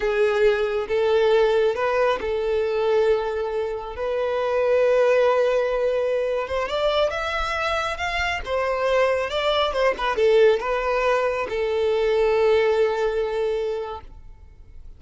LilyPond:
\new Staff \with { instrumentName = "violin" } { \time 4/4 \tempo 4 = 137 gis'2 a'2 | b'4 a'2.~ | a'4 b'2.~ | b'2~ b'8. c''8 d''8.~ |
d''16 e''2 f''4 c''8.~ | c''4~ c''16 d''4 c''8 b'8 a'8.~ | a'16 b'2 a'4.~ a'16~ | a'1 | }